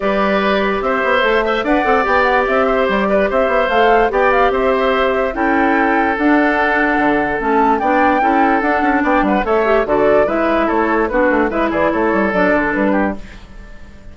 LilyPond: <<
  \new Staff \with { instrumentName = "flute" } { \time 4/4 \tempo 4 = 146 d''2 e''2 | fis''4 g''8 fis''8 e''4 d''4 | e''4 f''4 g''8 f''8 e''4~ | e''4 g''2 fis''4~ |
fis''2 a''4 g''4~ | g''4 fis''4 g''8 fis''8 e''4 | d''4 e''4 cis''4 b'4 | e''8 d''8 cis''4 d''4 b'4 | }
  \new Staff \with { instrumentName = "oboe" } { \time 4/4 b'2 c''4. e''8 | d''2~ d''8 c''4 b'8 | c''2 d''4 c''4~ | c''4 a'2.~ |
a'2. d''4 | a'2 d''8 b'8 cis''4 | a'4 b'4 a'4 fis'4 | b'8 gis'8 a'2~ a'8 g'8 | }
  \new Staff \with { instrumentName = "clarinet" } { \time 4/4 g'2. a'8 c''8 | b'8 a'8 g'2.~ | g'4 a'4 g'2~ | g'4 e'2 d'4~ |
d'2 cis'4 d'4 | e'4 d'2 a'8 g'8 | fis'4 e'2 d'4 | e'2 d'2 | }
  \new Staff \with { instrumentName = "bassoon" } { \time 4/4 g2 c'8 b8 a4 | d'8 c'8 b4 c'4 g4 | c'8 b8 a4 b4 c'4~ | c'4 cis'2 d'4~ |
d'4 d4 a4 b4 | cis'4 d'8 cis'8 b8 g8 a4 | d4 gis4 a4 b8 a8 | gis8 e8 a8 g8 fis8 d8 g4 | }
>>